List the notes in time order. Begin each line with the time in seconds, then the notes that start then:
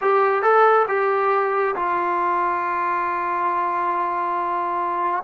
0.01 G4
0.42 A4
0.88 G4
1.75 F4